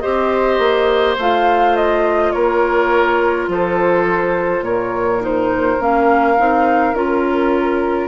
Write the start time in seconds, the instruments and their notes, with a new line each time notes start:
0.00 bassoon C4, clarinet G4, oboe C5, flute D#5
0.59 bassoon A#3
1.18 bassoon A3, clarinet F4, flute F5
1.76 flute D#5
2.32 bassoon A#3, oboe A#4, flute C#5
3.49 bassoon F3, oboe A4, flute C5
4.62 bassoon A#2, oboe A#4, flute C#5
5.21 clarinet D#4, flute C5
5.79 bassoon A#3, clarinet C#4, flute F5
6.38 bassoon C4, clarinet D#4
6.94 bassoon C#4, clarinet F4, flute A#4